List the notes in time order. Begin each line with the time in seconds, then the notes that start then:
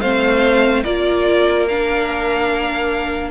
0.00 A3 C4 C5 F5
0.83 A#3 F4 A#4 D5
1.68 D4 F5